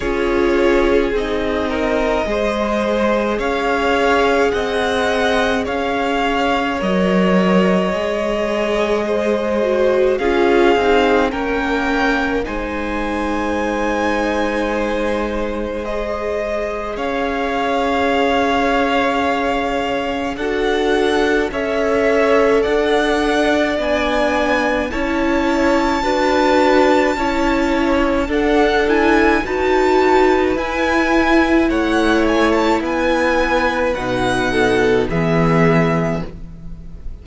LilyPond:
<<
  \new Staff \with { instrumentName = "violin" } { \time 4/4 \tempo 4 = 53 cis''4 dis''2 f''4 | fis''4 f''4 dis''2~ | dis''4 f''4 g''4 gis''4~ | gis''2 dis''4 f''4~ |
f''2 fis''4 e''4 | fis''4 gis''4 a''2~ | a''4 fis''8 gis''8 a''4 gis''4 | fis''8 gis''16 a''16 gis''4 fis''4 e''4 | }
  \new Staff \with { instrumentName = "violin" } { \time 4/4 gis'4. ais'8 c''4 cis''4 | dis''4 cis''2. | c''4 gis'4 ais'4 c''4~ | c''2. cis''4~ |
cis''2 a'4 cis''4 | d''2 cis''4 b'4 | cis''4 a'4 b'2 | cis''4 b'4. a'8 gis'4 | }
  \new Staff \with { instrumentName = "viola" } { \time 4/4 f'4 dis'4 gis'2~ | gis'2 ais'4 gis'4~ | gis'8 fis'8 f'8 dis'8 cis'4 dis'4~ | dis'2 gis'2~ |
gis'2 fis'4 a'4~ | a'4 d'4 e'4 fis'4 | e'4 d'8 e'8 fis'4 e'4~ | e'2 dis'4 b4 | }
  \new Staff \with { instrumentName = "cello" } { \time 4/4 cis'4 c'4 gis4 cis'4 | c'4 cis'4 fis4 gis4~ | gis4 cis'8 c'8 ais4 gis4~ | gis2. cis'4~ |
cis'2 d'4 cis'4 | d'4 b4 cis'4 d'4 | cis'4 d'4 dis'4 e'4 | a4 b4 b,4 e4 | }
>>